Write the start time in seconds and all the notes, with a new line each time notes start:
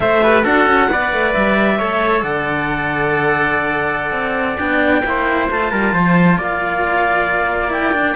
0.00 A3 A4 C5 E5
0.22 G4 B4
0.43 D4 F#4 A4 F#5
0.66 C#4
0.90 B3 B4 D5
1.12 A3
1.33 G3 E5
1.78 A3 A4 C#5
2.22 D3 D5 F#5
4.11 C4
4.58 B3 D4 G5
5.03 A#3 E4 C5
5.50 A3 F4 A5
5.71 G3 A#4
5.92 F3 C5
6.38 A#3 D5 F5
7.70 E4 G5
7.92 D4